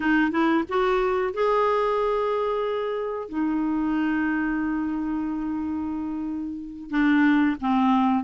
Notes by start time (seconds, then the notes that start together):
0.00 D#4
0.31 E4
0.68 F#4
1.33 G#4
3.28 D#4
6.90 D4
7.60 C4